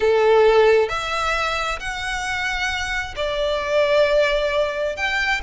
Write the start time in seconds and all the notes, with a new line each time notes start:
0.00 A4
0.88 E5
1.79 F#5
3.16 D5
4.96 G5